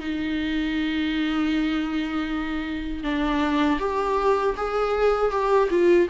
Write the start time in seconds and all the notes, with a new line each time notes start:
0.00 D#4
3.03 D4
3.79 G4
4.57 G#4
5.31 G4
5.70 F4